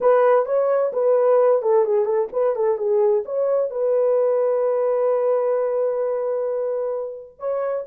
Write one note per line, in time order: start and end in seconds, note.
0.01 0.45 B4
0.45 0.91 C#5
0.93 1.62 B4
1.62 1.85 A4
1.85 2.05 G#4
2.05 2.28 A4
2.32 2.55 B4
2.55 2.77 A4
2.77 3.23 G#4
3.25 3.70 C#5
3.70 7.39 B4
7.39 7.85 C#5